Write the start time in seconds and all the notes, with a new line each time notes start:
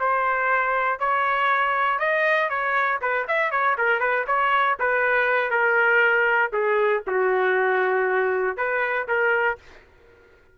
0.00 C5
1.00 C#5
1.99 D#5
2.50 C#5
3.02 B4
3.28 E5
3.51 C#5
3.78 A#4
4.00 B4
4.27 C#5
4.79 B4
5.51 A#4
6.53 G#4
7.07 F#4
8.57 B4
9.08 A#4